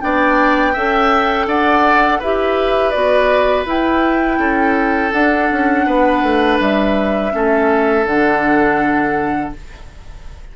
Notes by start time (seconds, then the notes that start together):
0.00 B3 D4 D5 G5
0.73 C#4 A4 E5
1.46 D4 D5 F#5
2.19 E4 G4 B4 E5
2.90 B3 F#4 D5
3.65 E4 G5
4.38 C#4 A4
5.12 D4 F#5
5.51 C#4
5.86 B3 B4
6.22 A3
6.59 G3 E5
7.31 A3 C#4 A4
8.05 D3 D4 F#5